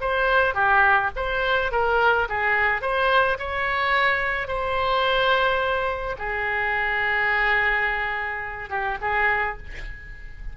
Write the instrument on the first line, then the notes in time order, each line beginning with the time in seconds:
oboe
0.00 C5
0.54 G4
1.16 C5
1.72 A#4
2.28 G#4
2.81 C5
3.38 C#5
4.48 C5
6.18 G#4
8.69 G4
9.01 G#4